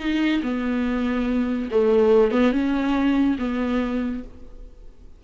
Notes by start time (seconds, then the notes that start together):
0.00 D#4
0.43 B3
1.71 A3
2.31 B3
2.52 C#4
3.39 B3